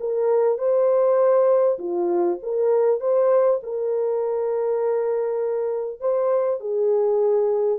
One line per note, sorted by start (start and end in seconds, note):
0.00 0.59 A#4
0.59 1.79 C5
1.79 2.39 F4
2.43 3.01 A#4
3.01 3.61 C5
3.63 6.00 A#4
6.00 6.60 C5
6.61 7.79 G#4